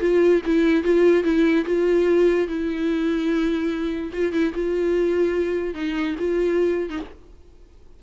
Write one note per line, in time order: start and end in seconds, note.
0.00 0.41 F4
0.45 0.83 E4
0.83 1.23 F4
1.23 1.64 E4
1.65 2.47 F4
2.48 4.12 E4
4.13 4.32 F4
4.32 4.53 E4
4.54 5.74 F4
5.74 6.15 D#4
6.19 6.89 F4
6.89 7.00 D#4